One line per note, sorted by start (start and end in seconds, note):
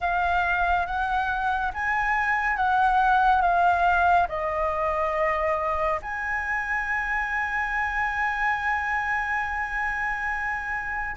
0.00 0.86 F5
0.86 1.72 F#5
1.73 2.56 G#5
2.56 3.41 F#5
3.41 4.27 F5
4.28 6.00 D#5
6.02 11.16 G#5